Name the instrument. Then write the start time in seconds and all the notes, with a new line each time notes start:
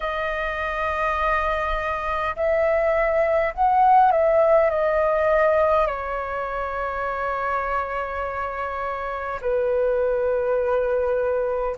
flute
0.00 D#5
2.35 E5
3.53 F#5
4.11 E5
4.70 D#5
5.87 C#5
9.41 B4